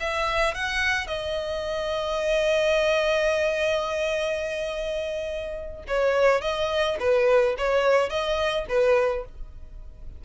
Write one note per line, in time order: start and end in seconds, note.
0.00 0.54 E5
0.54 1.07 F#5
1.07 5.83 D#5
5.88 6.41 C#5
6.41 6.97 D#5
6.99 7.55 B4
7.57 8.09 C#5
8.09 8.65 D#5
8.69 9.25 B4